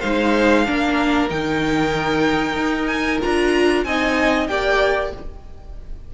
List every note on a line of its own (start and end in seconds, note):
0.00 0.68 G#3
0.00 0.66 D#4
0.00 0.64 C5
0.00 1.29 F5
0.66 1.31 A#3
0.66 1.29 D4
0.66 3.86 A#4
1.29 2.56 D#3
1.29 3.20 D#4
1.29 2.86 G5
2.56 3.20 D#4
2.86 3.18 G#5
3.22 3.85 D4
3.22 3.86 F4
3.22 3.84 A#5
3.84 4.49 C4
3.84 4.49 D#4
3.84 4.50 D#5
3.84 4.47 G#5
4.47 5.13 A#3
4.47 5.13 G4
4.47 5.14 D5
4.47 5.11 G5